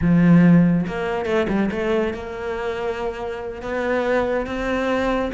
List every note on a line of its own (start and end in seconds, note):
0.01 0.86 F3
0.87 1.25 A#3
1.25 1.46 A3
1.48 1.69 G3
1.71 2.13 A3
2.13 3.62 A#3
3.62 4.46 B3
4.46 5.31 C4